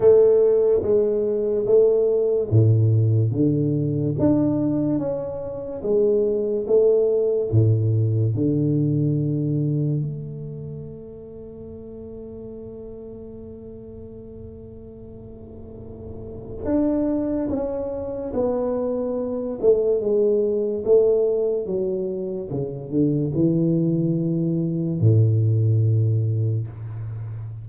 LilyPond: \new Staff \with { instrumentName = "tuba" } { \time 4/4 \tempo 4 = 72 a4 gis4 a4 a,4 | d4 d'4 cis'4 gis4 | a4 a,4 d2 | a1~ |
a1 | d'4 cis'4 b4. a8 | gis4 a4 fis4 cis8 d8 | e2 a,2 | }